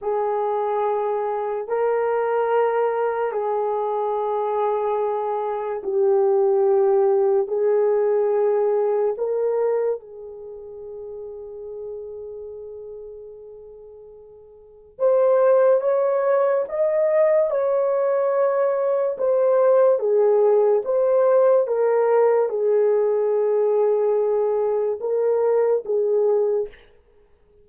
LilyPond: \new Staff \with { instrumentName = "horn" } { \time 4/4 \tempo 4 = 72 gis'2 ais'2 | gis'2. g'4~ | g'4 gis'2 ais'4 | gis'1~ |
gis'2 c''4 cis''4 | dis''4 cis''2 c''4 | gis'4 c''4 ais'4 gis'4~ | gis'2 ais'4 gis'4 | }